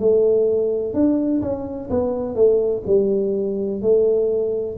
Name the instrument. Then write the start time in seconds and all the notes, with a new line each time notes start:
tuba
0.00 A3
0.94 D4
1.42 C#4
1.90 B3
2.35 A3
2.87 G3
3.82 A3